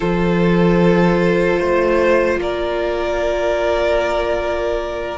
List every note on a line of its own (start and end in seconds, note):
0.00 1.59 F3
0.00 5.18 F4
0.00 1.59 A4
0.00 2.39 C5
1.59 2.36 A3
1.59 2.39 C5
2.36 5.16 A#3
2.36 5.18 A#4
2.36 5.18 D5